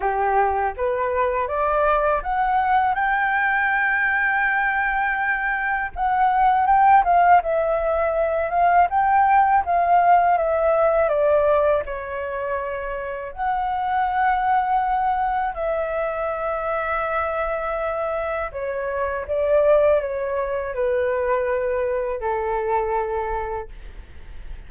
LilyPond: \new Staff \with { instrumentName = "flute" } { \time 4/4 \tempo 4 = 81 g'4 b'4 d''4 fis''4 | g''1 | fis''4 g''8 f''8 e''4. f''8 | g''4 f''4 e''4 d''4 |
cis''2 fis''2~ | fis''4 e''2.~ | e''4 cis''4 d''4 cis''4 | b'2 a'2 | }